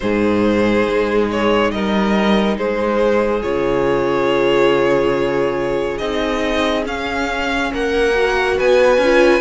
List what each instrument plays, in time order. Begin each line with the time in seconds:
0.00 cello G#2, viola D#4, violin G#4 C5
0.88 cello G#3
1.31 violin C#5
1.71 cello G3, violin A#4 D#5
2.57 cello G#3, violin G#4 C5
3.42 cello C#3, viola F4, violin C#5
5.98 cello C4, viola D#4, violin D#5
6.83 viola C#4, cello C#4, violin F5
7.72 cello A#3, violin A#4 F#5
8.15 viola F#4
8.57 cello B3, violin B4 G#5
8.97 cello C#4
9.03 viola F4